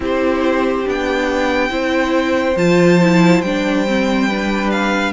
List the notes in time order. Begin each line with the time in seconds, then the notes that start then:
0.00 C4 E4 G4 C5
0.84 B3 D4 G5
1.69 C4 E4 C5
2.56 F3 F4 A5
3.01 E4
3.41 G3 D4 G5
3.86 C4
4.28 D4 B4
4.70 F5